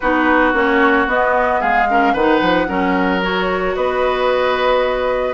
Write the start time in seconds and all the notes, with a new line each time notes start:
0.00 B3 D#4 F#4 B4
0.53 A#3 C#4 C#5
1.07 B3 D#5
1.60 G#3 G#4 F5
1.89 C#4 A#4
2.13 D#3 B4 F#5
2.19 D#4
2.41 F3
2.67 F#3 C#4 A#4
3.22 F#4 C#5
3.75 B3 B4 D#5